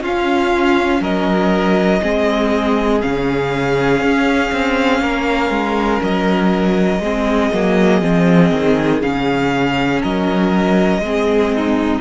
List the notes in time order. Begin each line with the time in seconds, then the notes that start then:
0.00 C#4 F4 F5
1.00 F#3 A#4 D#5
2.01 G#3 C4 G#4
3.01 C#3 C#4 F5
4.01 C#4
4.52 C4
5.01 A#3 A#4
5.50 G#3
6.02 F#3 D#5
6.99 G#3 C4 G#4
7.53 F#3 A#3
8.01 F3 C4
8.52 D#3
9.02 C#3 C#4 F5
10.01 F#3 A#4 D#5
10.99 G#3 C4
11.05 G#4
11.55 D#4